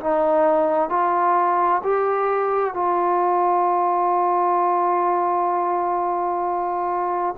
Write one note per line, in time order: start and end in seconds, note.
0.00 0.89 D#4
0.89 1.81 F4
1.83 2.74 G4
2.74 7.35 F4